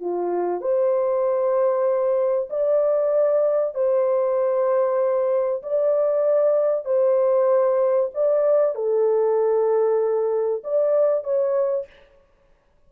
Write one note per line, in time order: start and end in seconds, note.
0.00 0.61 F4
0.61 2.48 C5
2.49 3.74 D5
3.74 5.62 C5
5.62 6.85 D5
6.85 8.10 C5
8.14 8.75 D5
8.75 10.62 A4
10.64 11.24 D5
11.24 11.86 C#5